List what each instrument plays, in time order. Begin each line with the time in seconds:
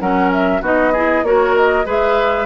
0.00 bassoon F#3, clarinet C#4, oboe A#4, flute F#5
0.33 flute E5
0.62 bassoon B3, clarinet D#4, oboe F#4, flute D#5
0.93 clarinet E4, oboe G#4
1.23 bassoon A#3, clarinet F#4, oboe A#4, flute C#5
1.56 flute D#5
1.85 bassoon G#3, clarinet G#4, oboe B4, flute E5